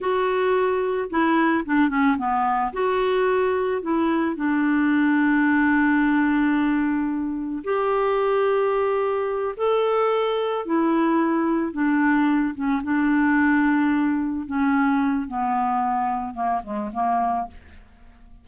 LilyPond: \new Staff \with { instrumentName = "clarinet" } { \time 4/4 \tempo 4 = 110 fis'2 e'4 d'8 cis'8 | b4 fis'2 e'4 | d'1~ | d'2 g'2~ |
g'4. a'2 e'8~ | e'4. d'4. cis'8 d'8~ | d'2~ d'8 cis'4. | b2 ais8 gis8 ais4 | }